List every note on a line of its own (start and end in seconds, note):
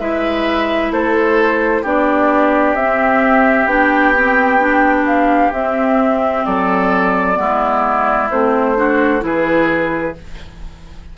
0.00 0.92 G#3
0.00 1.85 E4
0.00 0.92 B4
0.00 0.92 E5
0.92 1.84 A3
0.92 1.83 A4
0.92 1.85 C5
1.83 2.75 B3
1.83 2.78 D4
1.83 6.44 G4
1.83 2.75 D5
2.75 3.66 C4
2.75 3.69 C4
2.75 3.67 E5
3.66 5.50 B3
3.66 4.15 D4
3.66 5.06 G5
4.17 4.60 C4
4.60 5.53 D4
5.07 5.53 F5
5.53 6.45 C4
5.53 7.36 C4
5.53 6.45 E5
6.45 7.38 F#3
6.45 7.39 A4
6.45 8.30 D5
7.36 8.31 G#3
7.36 8.28 B3
7.36 8.78 E4
8.31 9.23 A3
8.31 8.77 C4
8.31 9.23 C5
8.77 9.21 D4
8.77 9.25 F#4
9.21 10.16 E3
9.21 10.13 E4
9.21 10.18 G#4
9.21 10.17 B4